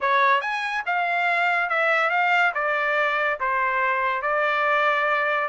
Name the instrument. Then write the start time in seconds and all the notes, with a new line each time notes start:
trumpet
0.00 C#5
0.41 G#5
0.86 F5
1.69 E5
2.10 F5
2.54 D5
3.40 C5
4.22 D5